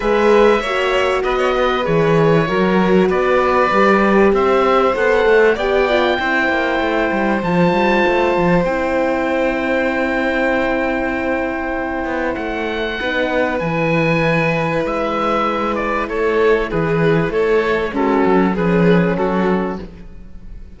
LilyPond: <<
  \new Staff \with { instrumentName = "oboe" } { \time 4/4 \tempo 4 = 97 e''2 dis''4 cis''4~ | cis''4 d''2 e''4 | fis''4 g''2. | a''2 g''2~ |
g''1 | fis''2 gis''2 | e''4. d''8 cis''4 b'4 | cis''4 a'4 b'4 a'4 | }
  \new Staff \with { instrumentName = "violin" } { \time 4/4 b'4 cis''4 b'16 cis''16 b'4. | ais'4 b'2 c''4~ | c''4 d''4 c''2~ | c''1~ |
c''1~ | c''4 b'2.~ | b'2 a'4 gis'4 | a'4 cis'4 gis'4 fis'4 | }
  \new Staff \with { instrumentName = "horn" } { \time 4/4 gis'4 fis'2 gis'4 | fis'2 g'2 | a'4 g'8 f'8 e'2 | f'2 e'2~ |
e'1~ | e'4 dis'4 e'2~ | e'1~ | e'4 fis'4 cis'2 | }
  \new Staff \with { instrumentName = "cello" } { \time 4/4 gis4 ais4 b4 e4 | fis4 b4 g4 c'4 | b8 a8 b4 c'8 ais8 a8 g8 | f8 g8 a8 f8 c'2~ |
c'2.~ c'8 b8 | a4 b4 e2 | gis2 a4 e4 | a4 gis8 fis8 f4 fis4 | }
>>